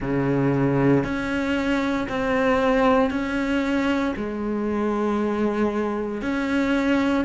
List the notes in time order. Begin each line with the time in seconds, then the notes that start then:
0.00 C#3
1.03 C#4
2.08 C4
3.10 C#4
4.16 G#3
6.21 C#4